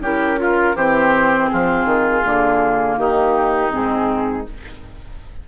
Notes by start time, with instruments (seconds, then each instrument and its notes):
0.00 bassoon C#4, clarinet E4, oboe G4, flute A#4
0.37 clarinet F4, oboe F4
0.75 bassoon E3, clarinet C4, oboe G4, flute C5
1.48 bassoon F3, oboe F4, flute G#4
1.84 bassoon D#3
2.22 bassoon D3, clarinet A#3
2.97 bassoon D#3, oboe D#4, flute G4
3.70 bassoon G#2, clarinet C4, flute G#4